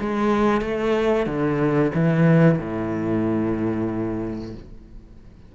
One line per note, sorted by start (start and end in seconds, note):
0.00 0.61 G#3
0.61 1.27 A3
1.27 1.92 D3
1.94 2.59 E3
2.59 4.54 A2